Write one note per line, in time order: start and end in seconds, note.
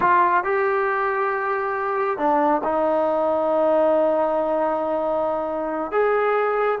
0.00 0.44 F4
0.44 2.18 G4
2.18 2.61 D4
2.63 5.91 D#4
5.91 6.79 G#4